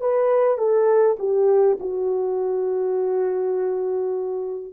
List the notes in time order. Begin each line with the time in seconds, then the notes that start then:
0.00 B4
0.57 A4
1.19 G4
1.80 F#4